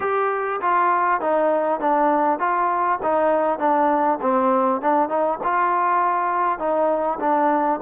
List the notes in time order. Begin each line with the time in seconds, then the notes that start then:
0.00 G4
0.61 F4
1.20 D#4
1.80 D4
2.39 F4
3.02 D#4
3.58 D4
4.21 C4
4.81 D4
5.08 D#4
5.43 F4
6.58 D#4
7.19 D4